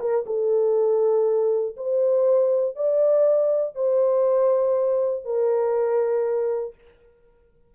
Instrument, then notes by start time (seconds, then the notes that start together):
horn
0.00 A#4
0.27 A4
1.77 C5
2.76 D5
3.75 C5
5.25 A#4